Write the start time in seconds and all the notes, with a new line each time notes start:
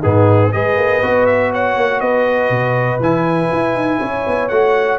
0.00 G#2 B3 D#4 G#4
0.52 G#3 G#4 B4 D#5
0.77 A#3
1.02 B3 F#4
1.26 E5
1.52 C#5 F#5
1.77 A#3
2.00 B3 B4 D#5
2.50 B2
3.00 E3 E4 G#5
3.52 E4
3.74 D#4
4.00 C#4 C#5
4.27 B3
4.49 A3 F#4 F#5